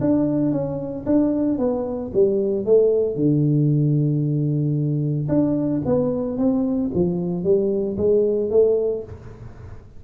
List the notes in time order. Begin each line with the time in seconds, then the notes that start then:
0.00 D4
0.51 C#4
1.05 D4
1.58 B3
2.13 G3
2.65 A3
3.15 D3
5.28 D4
5.85 B3
6.37 C4
6.94 F3
7.43 G3
7.97 G#3
8.50 A3